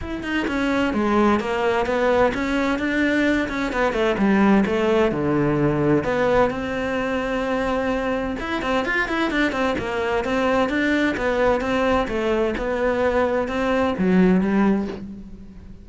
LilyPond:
\new Staff \with { instrumentName = "cello" } { \time 4/4 \tempo 4 = 129 e'8 dis'8 cis'4 gis4 ais4 | b4 cis'4 d'4. cis'8 | b8 a8 g4 a4 d4~ | d4 b4 c'2~ |
c'2 e'8 c'8 f'8 e'8 | d'8 c'8 ais4 c'4 d'4 | b4 c'4 a4 b4~ | b4 c'4 fis4 g4 | }